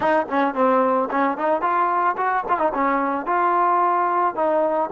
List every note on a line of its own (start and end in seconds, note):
0.00 0.26 D#4
0.29 0.54 C#4
0.54 1.09 C4
1.10 1.37 C#4
1.37 1.61 D#4
1.61 2.16 F4
2.17 2.44 F#4
2.48 2.58 F4
2.58 2.72 D#4
2.73 3.26 C#4
3.26 4.35 F4
4.35 4.89 D#4